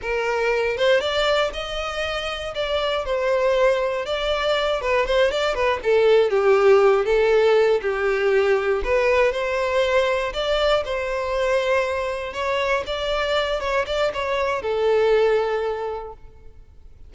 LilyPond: \new Staff \with { instrumentName = "violin" } { \time 4/4 \tempo 4 = 119 ais'4. c''8 d''4 dis''4~ | dis''4 d''4 c''2 | d''4. b'8 c''8 d''8 b'8 a'8~ | a'8 g'4. a'4. g'8~ |
g'4. b'4 c''4.~ | c''8 d''4 c''2~ c''8~ | c''8 cis''4 d''4. cis''8 d''8 | cis''4 a'2. | }